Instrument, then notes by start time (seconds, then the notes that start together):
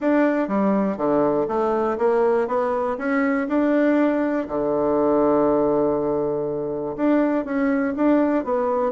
bassoon
0.00 D4
0.48 G3
0.97 D3
1.48 A3
1.97 A#3
2.47 B3
2.98 C#4
3.48 D4
4.48 D3
6.96 D4
7.44 C#4
7.96 D4
8.44 B3